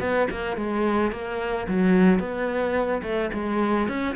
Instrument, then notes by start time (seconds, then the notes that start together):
cello
0.00 B3
0.31 A#3
0.56 G#3
1.12 A#3
1.67 F#3
2.19 B3
3.03 A3
3.33 G#3
3.88 C#4